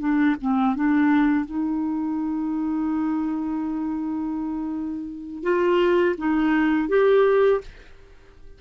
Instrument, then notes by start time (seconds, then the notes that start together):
clarinet
0.00 D4
0.42 C4
0.76 D4
1.46 D#4
5.43 F4
6.18 D#4
6.89 G4